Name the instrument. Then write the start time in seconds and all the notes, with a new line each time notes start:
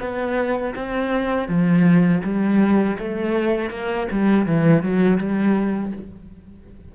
cello
0.00 B3
0.76 C4
1.48 F3
2.24 G3
2.99 A3
3.70 A#3
4.12 G3
4.46 E3
4.83 F#3
5.18 G3